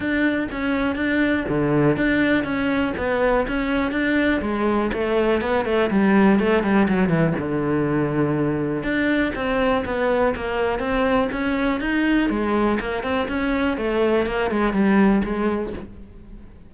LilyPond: \new Staff \with { instrumentName = "cello" } { \time 4/4 \tempo 4 = 122 d'4 cis'4 d'4 d4 | d'4 cis'4 b4 cis'4 | d'4 gis4 a4 b8 a8 | g4 a8 g8 fis8 e8 d4~ |
d2 d'4 c'4 | b4 ais4 c'4 cis'4 | dis'4 gis4 ais8 c'8 cis'4 | a4 ais8 gis8 g4 gis4 | }